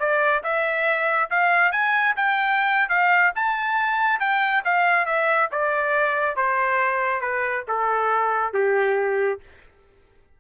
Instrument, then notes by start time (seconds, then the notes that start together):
trumpet
0.00 D5
0.44 E5
1.30 F5
1.72 G#5
2.16 G5
2.89 F5
3.36 A5
4.20 G5
4.65 F5
5.06 E5
5.52 D5
6.36 C5
7.21 B4
7.68 A4
8.54 G4